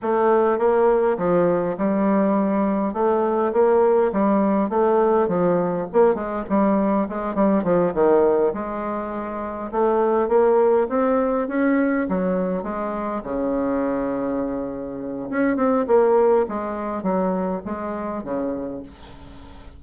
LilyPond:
\new Staff \with { instrumentName = "bassoon" } { \time 4/4 \tempo 4 = 102 a4 ais4 f4 g4~ | g4 a4 ais4 g4 | a4 f4 ais8 gis8 g4 | gis8 g8 f8 dis4 gis4.~ |
gis8 a4 ais4 c'4 cis'8~ | cis'8 fis4 gis4 cis4.~ | cis2 cis'8 c'8 ais4 | gis4 fis4 gis4 cis4 | }